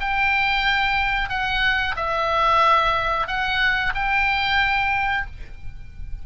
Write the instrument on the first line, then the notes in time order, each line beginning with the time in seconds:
oboe
0.00 G5
1.30 F#5
1.96 E5
3.27 F#5
3.95 G5